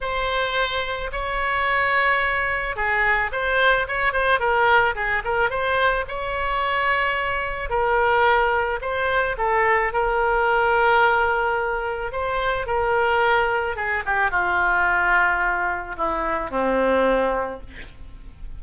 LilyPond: \new Staff \with { instrumentName = "oboe" } { \time 4/4 \tempo 4 = 109 c''2 cis''2~ | cis''4 gis'4 c''4 cis''8 c''8 | ais'4 gis'8 ais'8 c''4 cis''4~ | cis''2 ais'2 |
c''4 a'4 ais'2~ | ais'2 c''4 ais'4~ | ais'4 gis'8 g'8 f'2~ | f'4 e'4 c'2 | }